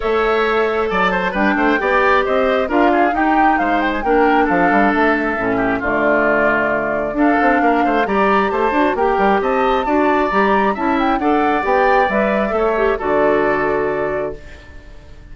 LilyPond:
<<
  \new Staff \with { instrumentName = "flute" } { \time 4/4 \tempo 4 = 134 e''2 a''4 g''4~ | g''4 dis''4 f''4 g''4 | f''8 g''16 gis''16 g''4 f''4 e''4~ | e''4 d''2. |
f''2 ais''4 a''4 | g''4 a''2 ais''4 | a''8 g''8 fis''4 g''4 e''4~ | e''4 d''2. | }
  \new Staff \with { instrumentName = "oboe" } { \time 4/4 cis''2 d''8 c''8 b'8 c''8 | d''4 c''4 ais'8 gis'8 g'4 | c''4 ais'4 a'2~ | a'8 g'8 f'2. |
a'4 ais'8 c''8 d''4 c''4 | ais'4 dis''4 d''2 | e''4 d''2. | cis''4 a'2. | }
  \new Staff \with { instrumentName = "clarinet" } { \time 4/4 a'2. d'4 | g'2 f'4 dis'4~ | dis'4 d'2. | cis'4 a2. |
d'2 g'4. fis'8 | g'2 fis'4 g'4 | e'4 a'4 g'4 b'4 | a'8 g'8 fis'2. | }
  \new Staff \with { instrumentName = "bassoon" } { \time 4/4 a2 fis4 g8 a8 | b4 c'4 d'4 dis'4 | gis4 ais4 f8 g8 a4 | a,4 d2. |
d'8 c'8 ais8 a8 g4 a8 d'8 | ais8 g8 c'4 d'4 g4 | cis'4 d'4 b4 g4 | a4 d2. | }
>>